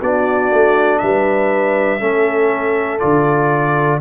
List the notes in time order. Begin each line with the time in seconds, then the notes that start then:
0.00 B3 D4 F#4 D5
0.51 A3
0.99 G3 B4 E5
2.00 A3 C#4 A4
3.00 D3 F4 D5